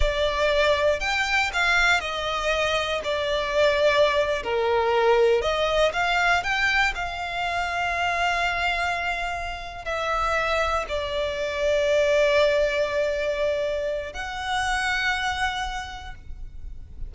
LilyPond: \new Staff \with { instrumentName = "violin" } { \time 4/4 \tempo 4 = 119 d''2 g''4 f''4 | dis''2 d''2~ | d''8. ais'2 dis''4 f''16~ | f''8. g''4 f''2~ f''16~ |
f''2.~ f''8 e''8~ | e''4. d''2~ d''8~ | d''1 | fis''1 | }